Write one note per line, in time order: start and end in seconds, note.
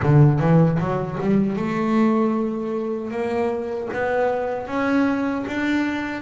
0.02 0.39 D3
0.39 0.78 E3
0.79 1.18 F#3
1.20 1.56 G3
1.56 3.10 A3
3.10 3.88 A#3
3.93 4.67 B3
4.67 5.45 C#4
5.46 6.22 D4